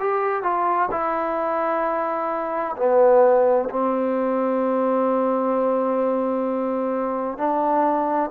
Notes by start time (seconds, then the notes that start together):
0.00 G4
0.43 F4
0.91 E4
2.77 B3
3.70 C4
7.38 D4